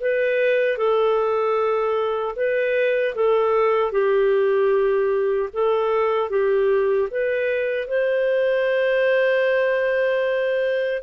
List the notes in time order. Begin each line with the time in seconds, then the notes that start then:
0.00 B4
0.77 A4
2.35 B4
3.15 A4
3.91 G4
5.53 A4
6.29 G4
7.10 B4
7.87 C5